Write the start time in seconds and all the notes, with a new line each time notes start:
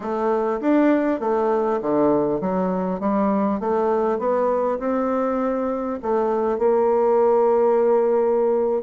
0.00 A3
0.60 D4
1.20 A3
1.81 D3
2.40 F#3
2.99 G3
3.60 A3
4.18 B3
4.79 C4
6.02 A3
6.58 A#3